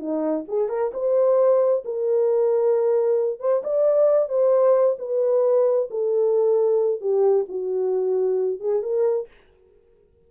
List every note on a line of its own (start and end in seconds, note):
0.00 0.45 D#4
0.48 0.69 G#4
0.69 0.92 A#4
0.94 1.84 C5
1.85 3.40 A#4
3.40 3.62 C5
3.64 4.29 D5
4.29 4.97 C5
4.99 5.90 B4
5.91 7.01 A4
7.01 7.46 G4
7.49 8.60 F#4
8.60 8.83 G#4
8.83 9.28 A#4